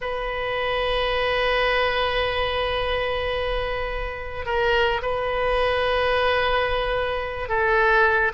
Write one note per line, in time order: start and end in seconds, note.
0.01 4.45 B4
4.45 5.01 A#4
5.02 7.48 B4
7.48 8.32 A4